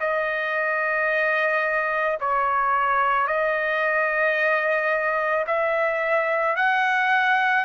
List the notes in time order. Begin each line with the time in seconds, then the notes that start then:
0.00 D#5
2.20 C#5
3.27 D#5
5.47 E5
6.56 F#5